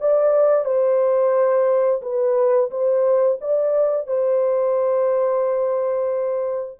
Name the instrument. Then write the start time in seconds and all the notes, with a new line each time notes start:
horn
0.00 D5
0.65 C5
2.02 B4
2.70 C5
3.41 D5
4.07 C5